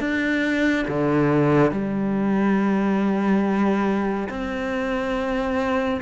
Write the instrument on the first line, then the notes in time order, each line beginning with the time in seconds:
cello
0.00 D4
0.88 D3
1.72 G3
4.29 C4